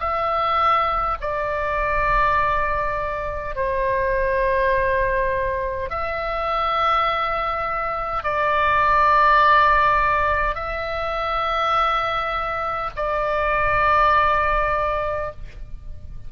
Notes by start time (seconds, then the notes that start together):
0.00 E5
1.21 D5
3.56 C5
5.90 E5
8.24 D5
10.56 E5
12.96 D5